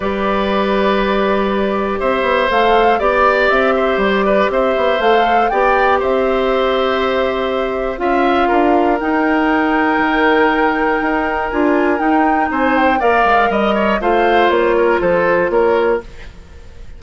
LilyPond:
<<
  \new Staff \with { instrumentName = "flute" } { \time 4/4 \tempo 4 = 120 d''1 | e''4 f''4 d''4 e''4 | d''4 e''4 f''4 g''4 | e''1 |
f''2 g''2~ | g''2. gis''4 | g''4 gis''8 g''8 f''4 dis''4 | f''4 cis''4 c''4 cis''4 | }
  \new Staff \with { instrumentName = "oboe" } { \time 4/4 b'1 | c''2 d''4. c''8~ | c''8 b'8 c''2 d''4 | c''1 |
e''4 ais'2.~ | ais'1~ | ais'4 c''4 d''4 dis''8 cis''8 | c''4. ais'8 a'4 ais'4 | }
  \new Staff \with { instrumentName = "clarinet" } { \time 4/4 g'1~ | g'4 a'4 g'2~ | g'2 a'4 g'4~ | g'1 |
f'2 dis'2~ | dis'2. f'4 | dis'2 ais'2 | f'1 | }
  \new Staff \with { instrumentName = "bassoon" } { \time 4/4 g1 | c'8 b8 a4 b4 c'4 | g4 c'8 b8 a4 b4 | c'1 |
cis'4 d'4 dis'2 | dis2 dis'4 d'4 | dis'4 c'4 ais8 gis8 g4 | a4 ais4 f4 ais4 | }
>>